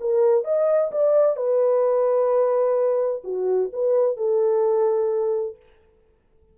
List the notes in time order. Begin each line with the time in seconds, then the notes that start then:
0.00 A#4
0.44 D#5
0.91 D5
1.36 B4
3.24 F#4
3.72 B4
4.16 A4